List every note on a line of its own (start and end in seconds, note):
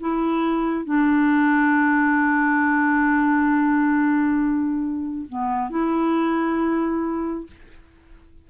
0.00 0.85 E4
0.85 5.26 D4
5.29 5.70 B3
5.70 7.47 E4